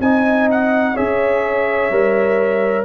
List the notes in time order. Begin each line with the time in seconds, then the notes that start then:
0.00 C4 D#4 D#5 G#5
0.51 F#5
0.95 C#4 G#4 C#5 E5
1.90 G3 A#4